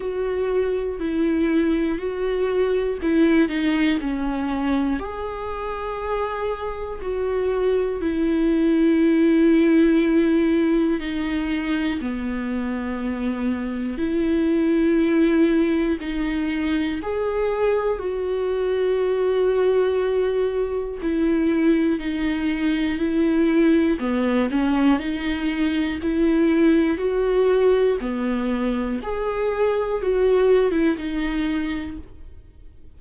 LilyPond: \new Staff \with { instrumentName = "viola" } { \time 4/4 \tempo 4 = 60 fis'4 e'4 fis'4 e'8 dis'8 | cis'4 gis'2 fis'4 | e'2. dis'4 | b2 e'2 |
dis'4 gis'4 fis'2~ | fis'4 e'4 dis'4 e'4 | b8 cis'8 dis'4 e'4 fis'4 | b4 gis'4 fis'8. e'16 dis'4 | }